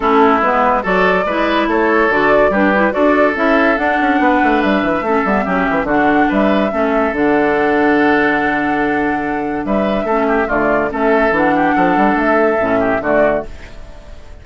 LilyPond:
<<
  \new Staff \with { instrumentName = "flute" } { \time 4/4 \tempo 4 = 143 a'4 b'4 d''2 | cis''4 d''4 b'4 d''4 | e''4 fis''2 e''4~ | e''2 fis''4 e''4~ |
e''4 fis''2.~ | fis''2. e''4~ | e''4 d''4 e''4 fis''4~ | fis''4 e''2 d''4 | }
  \new Staff \with { instrumentName = "oboe" } { \time 4/4 e'2 a'4 b'4 | a'2 g'4 a'4~ | a'2 b'2 | a'4 g'4 fis'4 b'4 |
a'1~ | a'2. b'4 | a'8 g'8 f'4 a'4. g'8 | a'2~ a'8 g'8 fis'4 | }
  \new Staff \with { instrumentName = "clarinet" } { \time 4/4 cis'4 b4 fis'4 e'4~ | e'4 fis'4 d'8 e'8 fis'4 | e'4 d'2. | cis'8 b8 cis'4 d'2 |
cis'4 d'2.~ | d'1 | cis'4 a4 cis'4 d'4~ | d'2 cis'4 a4 | }
  \new Staff \with { instrumentName = "bassoon" } { \time 4/4 a4 gis4 fis4 gis4 | a4 d4 g4 d'4 | cis'4 d'8 cis'8 b8 a8 g8 e8 | a8 g8 fis8 e8 d4 g4 |
a4 d2.~ | d2. g4 | a4 d4 a4 e4 | f8 g8 a4 a,4 d4 | }
>>